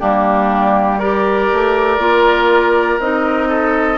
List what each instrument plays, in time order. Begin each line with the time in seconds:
0.00 bassoon G3, clarinet A#3, oboe D4, flute G4
0.99 clarinet G4, oboe A#4, flute D5
1.52 bassoon A3
1.98 bassoon A#3, clarinet F4
2.99 bassoon C4, clarinet D#4, flute D#5
3.49 oboe A4